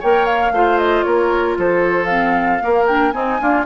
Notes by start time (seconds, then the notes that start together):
0.00 A#3 A#4 C#5 G5
0.26 F5
0.51 A3 F4 C5
0.78 D#5
1.03 A#3 A#4 C#5
1.57 F3 A4 C5
2.06 C4 F5
2.60 A#3 A#4
2.87 D4 G5
3.12 C4 D#4 G#5
3.40 A#3 D4 F4